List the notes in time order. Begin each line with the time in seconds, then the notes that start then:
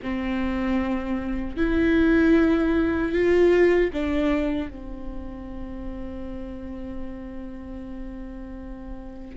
0.02 C4
1.57 E4
3.12 F4
3.93 D4
4.70 C4